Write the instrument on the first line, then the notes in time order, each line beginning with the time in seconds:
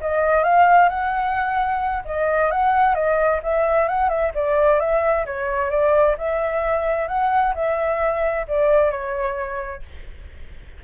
flute
0.00 D#5
0.43 F5
0.88 F#5
2.05 D#5
2.50 F#5
2.94 D#5
3.43 E5
3.88 F#5
4.09 E5
4.34 D5
4.79 E5
5.25 C#5
5.70 D5
6.17 E5
7.07 F#5
7.54 E5
8.48 D5
8.91 C#5